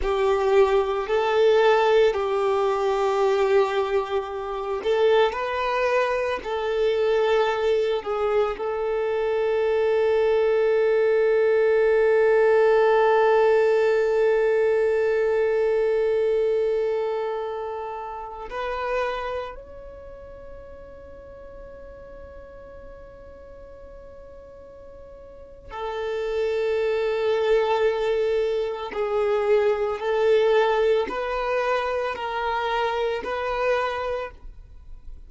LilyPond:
\new Staff \with { instrumentName = "violin" } { \time 4/4 \tempo 4 = 56 g'4 a'4 g'2~ | g'8 a'8 b'4 a'4. gis'8 | a'1~ | a'1~ |
a'4~ a'16 b'4 cis''4.~ cis''16~ | cis''1 | a'2. gis'4 | a'4 b'4 ais'4 b'4 | }